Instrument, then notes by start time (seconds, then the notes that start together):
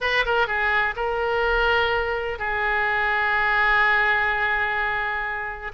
oboe
0.01 B4
0.25 A#4
0.47 G#4
0.95 A#4
2.38 G#4